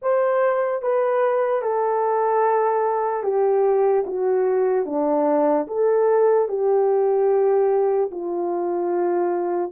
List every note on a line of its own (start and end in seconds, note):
0.02 0.81 C5
0.81 1.61 B4
1.61 3.23 A4
3.23 4.04 G4
4.06 4.85 F#4
4.85 5.66 D4
5.67 6.48 A4
6.48 8.10 G4
8.11 9.71 F4